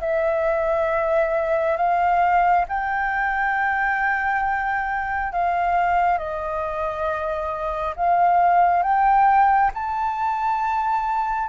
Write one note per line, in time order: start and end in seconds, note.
0.00 1.76 E5
1.76 2.65 F5
2.68 5.32 G5
5.32 6.18 F5
6.18 7.95 D#5
7.96 8.82 F5
8.82 9.71 G5
9.74 11.49 A5